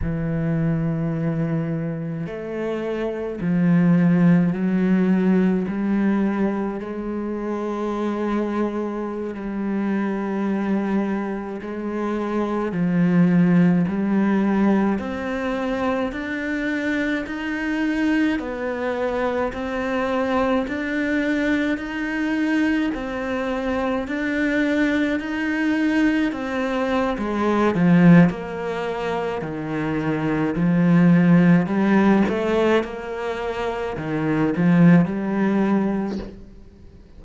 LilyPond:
\new Staff \with { instrumentName = "cello" } { \time 4/4 \tempo 4 = 53 e2 a4 f4 | fis4 g4 gis2~ | gis16 g2 gis4 f8.~ | f16 g4 c'4 d'4 dis'8.~ |
dis'16 b4 c'4 d'4 dis'8.~ | dis'16 c'4 d'4 dis'4 c'8. | gis8 f8 ais4 dis4 f4 | g8 a8 ais4 dis8 f8 g4 | }